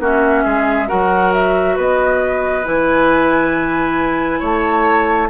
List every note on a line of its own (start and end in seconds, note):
0.00 0.44 A#3
0.00 0.87 C#4
0.00 0.44 F#4
0.00 0.88 E5
0.44 0.90 G#3
0.44 0.88 G#4
0.87 1.77 F#3
0.87 2.64 F#4
0.87 1.76 A#4
0.87 1.33 F#5
1.33 1.77 E5
1.76 2.65 B3
1.76 4.40 B4
1.76 2.65 D#5
2.64 4.42 E3
2.64 5.29 E4
2.64 4.42 G#5
4.40 5.30 A3
4.40 5.28 C#5
4.40 5.30 A5